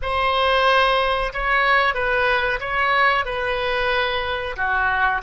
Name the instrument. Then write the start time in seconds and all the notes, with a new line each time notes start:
oboe
0.02 C5
1.33 C#5
1.94 B4
2.60 C#5
3.25 B4
4.56 F#4